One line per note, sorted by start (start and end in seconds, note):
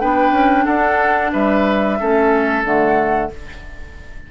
0.00 0.31 B3
0.00 1.98 D4
0.00 0.65 B4
0.00 0.65 G5
0.31 0.64 C#4
0.65 1.33 D4
0.65 1.30 A4
0.65 1.31 F#5
1.32 2.00 G3
1.32 1.98 B4
1.32 2.64 E5
1.99 2.63 A3
1.99 2.64 C#4
1.99 3.31 A4
2.63 3.29 D3
2.63 3.30 A3
2.63 3.31 F#5